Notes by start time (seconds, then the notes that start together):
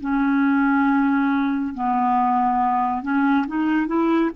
0.00 C#4
1.74 B3
3.02 C#4
3.47 D#4
3.87 E4